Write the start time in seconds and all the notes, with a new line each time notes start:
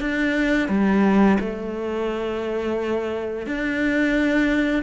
0.00 D4
0.69 G3
1.40 A3
3.46 D4